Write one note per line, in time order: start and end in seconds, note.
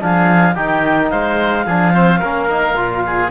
0.00 0.56 F3
0.00 0.55 D4
0.00 0.55 G#4
0.00 0.55 F5
0.55 1.11 D#3
0.55 1.66 D#4
0.55 1.10 G4
0.55 1.10 G5
1.10 1.67 G#3
1.10 1.66 C5
1.10 3.30 F5
1.66 2.22 F3
1.66 1.94 D4
1.66 1.93 G#4
1.94 2.21 C4
1.94 2.20 C5
2.20 2.74 A#3
2.20 2.50 C#4
2.20 3.02 A#4
2.50 2.76 D#4
2.74 3.29 A#2
2.74 3.31 F4
3.06 3.31 G#4